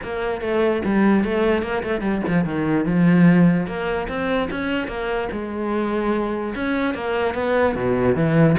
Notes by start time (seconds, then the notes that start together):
0.03 A#3
0.41 A3
0.84 G3
1.24 A3
1.62 A#3
1.83 A3
2.01 G3
2.27 F3
2.44 D#3
2.85 F3
3.66 A#3
4.08 C4
4.50 C#4
4.87 A#3
5.32 G#3
6.55 C#4
6.94 A#3
7.34 B3
7.75 B2
8.15 E3